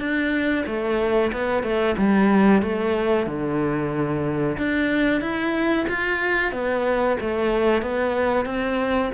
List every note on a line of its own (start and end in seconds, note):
0.00 0.65 D4
0.67 1.32 A3
1.33 1.63 B3
1.63 1.96 A3
1.98 2.62 G3
2.62 3.27 A3
3.27 4.57 D3
4.58 5.21 D4
5.21 5.86 E4
5.89 6.52 F4
6.52 7.17 B3
7.21 7.82 A3
7.82 8.46 B3
8.46 9.11 C4